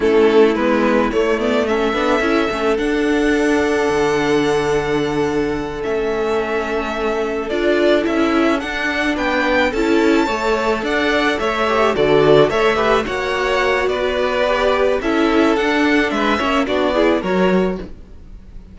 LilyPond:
<<
  \new Staff \with { instrumentName = "violin" } { \time 4/4 \tempo 4 = 108 a'4 b'4 cis''8 d''8 e''4~ | e''4 fis''2.~ | fis''2~ fis''8 e''4.~ | e''4. d''4 e''4 fis''8~ |
fis''8 g''4 a''2 fis''8~ | fis''8 e''4 d''4 e''4 fis''8~ | fis''4 d''2 e''4 | fis''4 e''4 d''4 cis''4 | }
  \new Staff \with { instrumentName = "violin" } { \time 4/4 e'2. a'4~ | a'1~ | a'1~ | a'1~ |
a'8 b'4 a'4 cis''4 d''8~ | d''8 cis''4 a'4 cis''8 b'8 cis''8~ | cis''4 b'2 a'4~ | a'4 b'8 cis''8 fis'8 gis'8 ais'4 | }
  \new Staff \with { instrumentName = "viola" } { \time 4/4 cis'4 b4 a8 b8 cis'8 d'8 | e'8 cis'8 d'2.~ | d'2~ d'8 cis'4.~ | cis'4. f'4 e'4 d'8~ |
d'4. e'4 a'4.~ | a'4 g'8 fis'4 a'8 g'8 fis'8~ | fis'2 g'4 e'4 | d'4. cis'8 d'8 e'8 fis'4 | }
  \new Staff \with { instrumentName = "cello" } { \time 4/4 a4 gis4 a4. b8 | cis'8 a8 d'2 d4~ | d2~ d8 a4.~ | a4. d'4 cis'4 d'8~ |
d'8 b4 cis'4 a4 d'8~ | d'8 a4 d4 a4 ais8~ | ais4 b2 cis'4 | d'4 gis8 ais8 b4 fis4 | }
>>